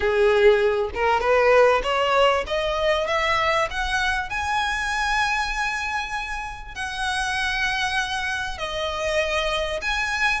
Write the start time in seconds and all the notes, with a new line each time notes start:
0.00 G#4
0.94 A#4
1.20 B4
1.83 C#5
2.46 D#5
3.07 E5
3.70 F#5
4.29 G#5
6.74 F#5
8.57 D#5
9.81 G#5